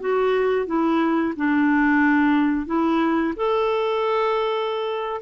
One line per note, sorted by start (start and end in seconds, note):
0.00 0.66 F#4
0.66 1.34 E4
1.36 2.66 D4
2.66 3.33 E4
3.36 5.21 A4